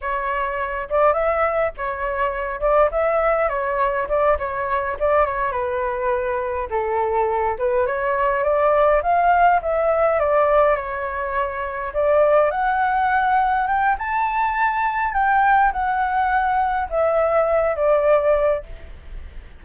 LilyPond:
\new Staff \with { instrumentName = "flute" } { \time 4/4 \tempo 4 = 103 cis''4. d''8 e''4 cis''4~ | cis''8 d''8 e''4 cis''4 d''8 cis''8~ | cis''8 d''8 cis''8 b'2 a'8~ | a'4 b'8 cis''4 d''4 f''8~ |
f''8 e''4 d''4 cis''4.~ | cis''8 d''4 fis''2 g''8 | a''2 g''4 fis''4~ | fis''4 e''4. d''4. | }